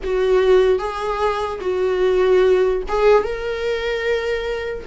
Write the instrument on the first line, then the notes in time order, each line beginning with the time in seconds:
viola
0.03 F#4
0.78 G#4
1.60 F#4
2.88 G#4
3.23 A#4